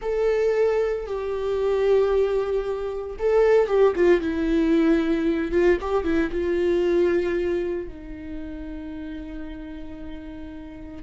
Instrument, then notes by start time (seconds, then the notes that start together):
viola
0.01 A4
1.06 G4
3.18 A4
3.67 G4
3.95 F4
4.21 E4
5.51 F4
5.80 G4
6.04 E4
6.31 F4
7.88 D#4